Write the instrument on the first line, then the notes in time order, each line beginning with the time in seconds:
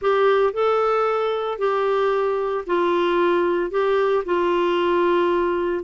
clarinet
0.01 G4
0.53 A4
1.58 G4
2.66 F4
3.70 G4
4.25 F4